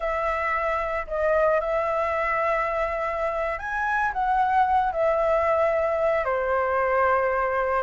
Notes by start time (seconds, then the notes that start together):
0.00 E5
1.07 D#5
1.60 E5
3.58 G#5
4.12 F#5
4.92 E5
6.24 C5